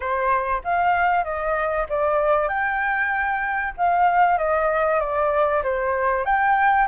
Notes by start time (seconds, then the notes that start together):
0.00 C5
0.64 F5
1.24 D#5
1.89 D5
2.48 G5
3.77 F5
4.38 D#5
4.99 D5
5.62 C5
6.25 G5